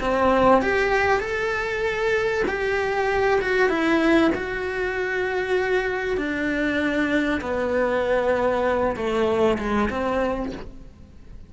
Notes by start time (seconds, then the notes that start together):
0.00 C4
0.62 G4
1.20 A4
2.47 G4
3.41 F#4
3.69 E4
4.35 F#4
6.17 D4
7.41 B3
8.96 A3
9.58 G#3
9.90 C4